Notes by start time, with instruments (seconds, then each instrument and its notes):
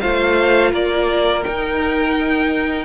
0.00 cello A3, viola F4, violin C5 F5
0.71 cello A#3, violin A#4 D5
1.44 viola D#4, cello D#4, violin G5